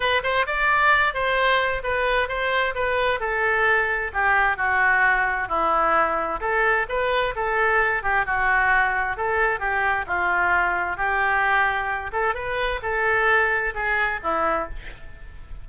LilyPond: \new Staff \with { instrumentName = "oboe" } { \time 4/4 \tempo 4 = 131 b'8 c''8 d''4. c''4. | b'4 c''4 b'4 a'4~ | a'4 g'4 fis'2 | e'2 a'4 b'4 |
a'4. g'8 fis'2 | a'4 g'4 f'2 | g'2~ g'8 a'8 b'4 | a'2 gis'4 e'4 | }